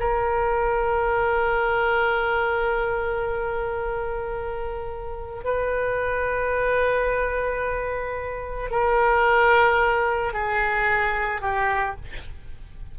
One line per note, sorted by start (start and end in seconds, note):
0.00 5.44 A#4
5.44 8.70 B4
8.70 10.33 A#4
10.33 11.41 G#4
11.41 11.96 G4